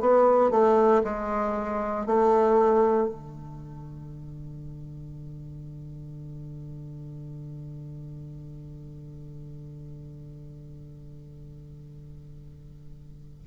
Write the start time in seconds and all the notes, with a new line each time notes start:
0.00 B3
0.50 A3
1.04 G#3
2.06 A3
3.09 D3